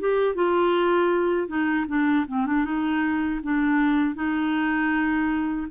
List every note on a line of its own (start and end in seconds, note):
0.00 0.35 G4
0.35 1.48 F4
1.48 1.86 D#4
1.88 2.26 D4
2.28 2.46 C4
2.46 2.65 D4
2.65 3.41 D#4
3.43 4.15 D4
4.15 5.67 D#4